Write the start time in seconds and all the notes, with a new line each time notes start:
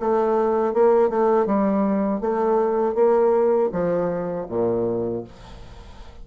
0.00 A3
0.74 A#3
1.10 A3
1.46 G3
2.21 A3
2.95 A#3
3.72 F3
4.49 A#2